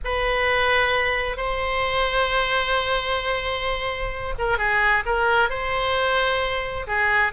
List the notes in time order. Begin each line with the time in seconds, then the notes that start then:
0.04 B4
1.36 C5
4.38 A#4
4.58 G#4
5.05 A#4
5.49 C5
6.87 G#4